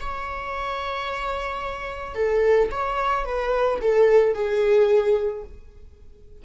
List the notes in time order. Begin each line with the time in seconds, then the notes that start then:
0.00 C#5
2.15 A4
2.71 C#5
3.25 B4
3.81 A4
4.34 G#4